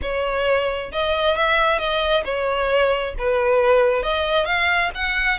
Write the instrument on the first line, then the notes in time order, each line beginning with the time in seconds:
violin
0.01 C#5
0.92 D#5
1.36 E5
1.78 D#5
2.24 C#5
3.18 B4
4.03 D#5
4.45 F5
4.95 F#5